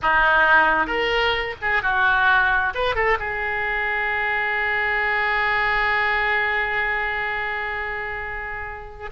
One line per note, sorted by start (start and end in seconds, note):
0.02 0.86 D#4
0.86 1.55 A#4
1.61 1.82 G#4
1.82 2.73 F#4
2.74 2.95 B4
2.95 3.18 A4
3.19 9.10 G#4